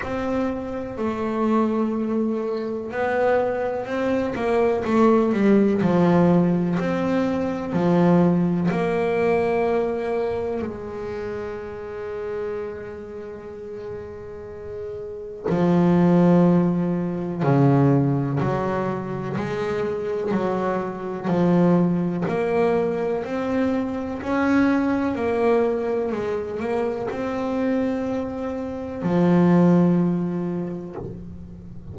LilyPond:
\new Staff \with { instrumentName = "double bass" } { \time 4/4 \tempo 4 = 62 c'4 a2 b4 | c'8 ais8 a8 g8 f4 c'4 | f4 ais2 gis4~ | gis1 |
f2 cis4 fis4 | gis4 fis4 f4 ais4 | c'4 cis'4 ais4 gis8 ais8 | c'2 f2 | }